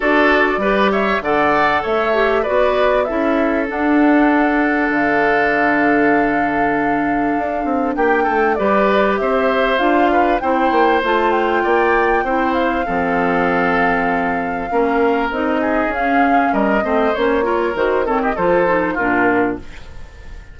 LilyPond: <<
  \new Staff \with { instrumentName = "flute" } { \time 4/4 \tempo 4 = 98 d''4. e''8 fis''4 e''4 | d''4 e''4 fis''2 | f''1~ | f''4 g''4 d''4 e''4 |
f''4 g''4 a''8 g''4.~ | g''8 f''2.~ f''8~ | f''4 dis''4 f''4 dis''4 | cis''4 c''8 cis''16 dis''16 c''4 ais'4 | }
  \new Staff \with { instrumentName = "oboe" } { \time 4/4 a'4 b'8 cis''8 d''4 cis''4 | b'4 a'2.~ | a'1~ | a'4 g'8 a'8 b'4 c''4~ |
c''8 b'8 c''2 d''4 | c''4 a'2. | ais'4. gis'4. ais'8 c''8~ | c''8 ais'4 a'16 g'16 a'4 f'4 | }
  \new Staff \with { instrumentName = "clarinet" } { \time 4/4 fis'4 g'4 a'4. g'8 | fis'4 e'4 d'2~ | d'1~ | d'2 g'2 |
f'4 e'4 f'2 | e'4 c'2. | cis'4 dis'4 cis'4. c'8 | cis'8 f'8 fis'8 c'8 f'8 dis'8 d'4 | }
  \new Staff \with { instrumentName = "bassoon" } { \time 4/4 d'4 g4 d4 a4 | b4 cis'4 d'2 | d1 | d'8 c'8 ais8 a8 g4 c'4 |
d'4 c'8 ais8 a4 ais4 | c'4 f2. | ais4 c'4 cis'4 g8 a8 | ais4 dis4 f4 ais,4 | }
>>